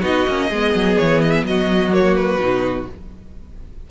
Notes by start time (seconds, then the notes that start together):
0.00 B3 D#4 F#4 D#5
0.27 A#3 C#4
0.48 G#3 B3 G#4
0.74 F#3
0.97 E3 C#5
1.21 D#5
1.31 E5
1.43 F#3 F#4 D#5
1.91 A#3 C#5
2.15 B4
2.38 B2 D#4